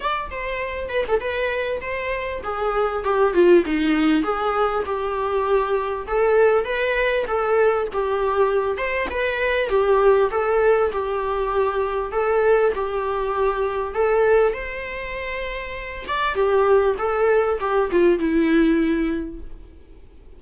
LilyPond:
\new Staff \with { instrumentName = "viola" } { \time 4/4 \tempo 4 = 99 d''8 c''4 b'16 a'16 b'4 c''4 | gis'4 g'8 f'8 dis'4 gis'4 | g'2 a'4 b'4 | a'4 g'4. c''8 b'4 |
g'4 a'4 g'2 | a'4 g'2 a'4 | c''2~ c''8 d''8 g'4 | a'4 g'8 f'8 e'2 | }